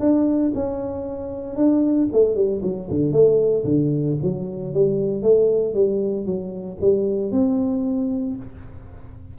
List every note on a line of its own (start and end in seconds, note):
0.00 0.52 D4
0.55 1.56 C#4
1.56 2.08 D4
2.13 2.35 A3
2.35 2.62 G3
2.63 2.89 F#3
2.90 3.12 D3
3.12 3.64 A3
3.65 4.17 D3
4.23 4.74 F#3
4.74 5.23 G3
5.23 5.74 A3
5.74 6.26 G3
6.26 6.78 F#3
6.81 7.32 G3
7.32 8.36 C4